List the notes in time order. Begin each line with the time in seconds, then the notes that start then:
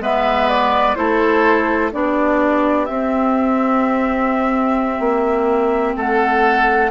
0.00 G#3 B3 B4 E5
0.49 D5
0.95 A3 E4 A4 C5
1.92 B3 D4 G4 D5
2.85 C4 E5
5.00 A#3
5.95 A3 A4 F#5